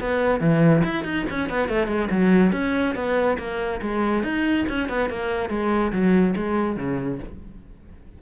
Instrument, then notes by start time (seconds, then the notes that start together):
cello
0.00 B3
0.40 E3
0.84 E4
1.04 D#4
1.30 C#4
1.49 B3
1.69 A3
1.87 G#3
2.10 F#3
2.52 C#4
2.95 B3
3.38 A#3
3.81 G#3
4.23 D#4
4.69 C#4
4.89 B3
5.10 A#3
5.49 G#3
5.92 F#3
6.36 G#3
6.77 C#3